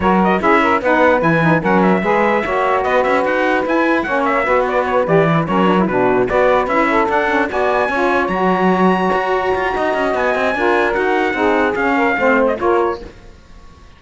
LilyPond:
<<
  \new Staff \with { instrumentName = "trumpet" } { \time 4/4 \tempo 4 = 148 cis''8 dis''8 e''4 fis''4 gis''4 | fis''8 e''2~ e''8 dis''8 e''8 | fis''4 gis''4 fis''8 e''4 d''8 | cis''8 d''4 cis''4 b'4 d''8~ |
d''8 e''4 fis''4 gis''4.~ | gis''8 ais''2.~ ais''8~ | ais''4 gis''2 fis''4~ | fis''4 f''4.~ f''16 dis''16 cis''4 | }
  \new Staff \with { instrumentName = "saxophone" } { \time 4/4 ais'4 gis'8 ais'8 b'2 | ais'4 b'4 cis''4 b'4~ | b'2 cis''4 b'4~ | b'4. ais'4 fis'4 b'8~ |
b'4 a'4. d''4 cis''8~ | cis''1 | dis''2 ais'2 | gis'4. ais'8 c''4 ais'4 | }
  \new Staff \with { instrumentName = "saxophone" } { \time 4/4 fis'4 e'4 dis'4 e'8 dis'8 | cis'4 gis'4 fis'2~ | fis'4 e'4 cis'4 fis'4~ | fis'8 g'8 e'8 cis'8 d'16 e'16 d'4 fis'8~ |
fis'8 e'4 d'8 cis'8 fis'4 f'8~ | f'8 fis'2.~ fis'8~ | fis'2 f'4 fis'4 | dis'4 cis'4 c'4 f'4 | }
  \new Staff \with { instrumentName = "cello" } { \time 4/4 fis4 cis'4 b4 e4 | fis4 gis4 ais4 b8 cis'8 | dis'4 e'4 ais4 b4~ | b8 e4 fis4 b,4 b8~ |
b8 cis'4 d'4 b4 cis'8~ | cis'8 fis2 fis'4 f'8 | dis'8 cis'8 b8 c'8 d'4 dis'4 | c'4 cis'4 a4 ais4 | }
>>